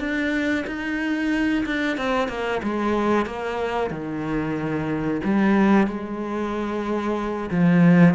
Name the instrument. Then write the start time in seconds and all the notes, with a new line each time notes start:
cello
0.00 D4
0.68 D#4
1.66 D4
1.98 C4
2.29 A#3
2.63 G#3
3.26 A#3
3.91 D#3
5.25 G3
5.88 G#3
7.51 F3